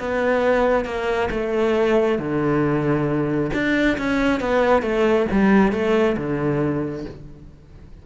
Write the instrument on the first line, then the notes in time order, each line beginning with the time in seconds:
cello
0.00 B3
0.85 A#3
1.31 A3
2.19 D3
3.54 D4
3.98 C#4
4.41 B3
4.83 A3
5.32 G3
5.73 A3
6.17 D3